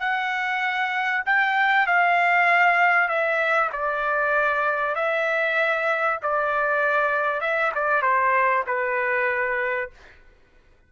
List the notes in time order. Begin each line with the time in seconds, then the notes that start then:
0.00 F#5
1.26 G5
1.87 F5
3.08 E5
3.73 D5
4.95 E5
6.23 D5
7.41 E5
7.75 D5
8.02 C5
8.67 B4